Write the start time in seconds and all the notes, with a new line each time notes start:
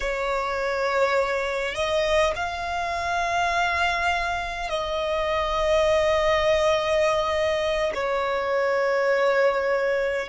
0.00 C#5
1.74 D#5
2.35 F5
4.68 D#5
7.94 C#5